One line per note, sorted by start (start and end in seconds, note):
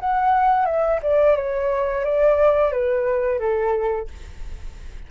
0.00 0.66 F#5
0.66 1.00 E5
1.03 1.37 D5
1.37 2.05 C#5
2.05 2.72 D5
2.72 3.40 B4
3.40 4.08 A4